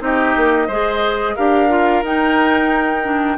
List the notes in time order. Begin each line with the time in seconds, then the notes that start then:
0.00 C4 D#4 G4 D#5
0.37 A#3
0.67 G#3 G#4 C5
1.36 D4 G4 A#4 F5
1.69 F4
2.03 D#4 G5
3.04 D4